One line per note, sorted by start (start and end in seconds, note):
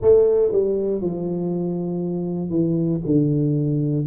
0.01 0.52 A3
0.52 1.01 G3
1.01 2.49 F3
2.49 3.00 E3
3.05 4.06 D3